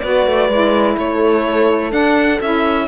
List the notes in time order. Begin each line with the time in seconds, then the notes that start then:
0.00 B3 F#4 B4 D5
0.26 A3
0.49 G#3 E4
0.97 A3 A4 C#5
1.90 D4 F#5
2.41 C#4 E4 E5